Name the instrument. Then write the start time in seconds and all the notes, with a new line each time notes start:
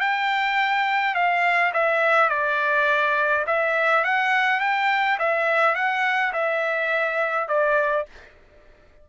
trumpet
0.00 G5
1.15 F5
1.73 E5
2.29 D5
3.47 E5
4.04 F#5
4.60 G5
5.19 E5
5.75 F#5
6.33 E5
7.48 D5